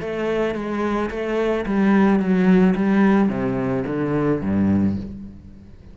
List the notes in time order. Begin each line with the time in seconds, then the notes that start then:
0.00 A3
0.55 G#3
1.10 A3
1.66 G3
2.19 F#3
2.75 G3
3.29 C3
3.86 D3
4.42 G2